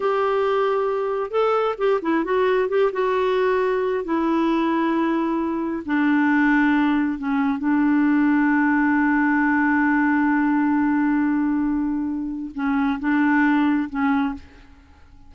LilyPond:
\new Staff \with { instrumentName = "clarinet" } { \time 4/4 \tempo 4 = 134 g'2. a'4 | g'8 e'8 fis'4 g'8 fis'4.~ | fis'4 e'2.~ | e'4 d'2. |
cis'4 d'2.~ | d'1~ | d'1 | cis'4 d'2 cis'4 | }